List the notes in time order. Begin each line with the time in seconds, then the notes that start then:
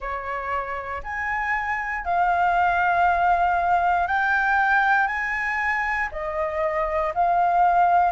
0.00 C#5
1.03 G#5
2.04 F5
4.07 G5
5.07 G#5
6.11 D#5
7.14 F5